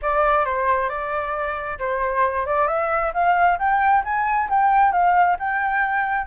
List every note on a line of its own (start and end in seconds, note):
0.02 0.45 D5
0.45 0.89 C5
0.89 1.78 D5
1.78 2.46 C5
2.46 2.67 D5
2.67 3.12 E5
3.13 3.58 F5
3.58 4.03 G5
4.04 4.49 G#5
4.49 4.92 G5
4.92 5.36 F5
5.39 6.26 G5